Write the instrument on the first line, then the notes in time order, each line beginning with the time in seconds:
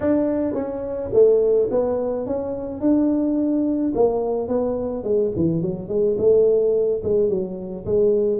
tuba
0.00 D4
0.54 C#4
1.13 A3
1.71 B3
2.26 C#4
2.80 D4
3.94 A#3
4.48 B3
5.03 G#3
5.36 E3
5.61 F#3
5.88 G#3
6.18 A3
7.03 G#3
7.29 F#3
7.85 G#3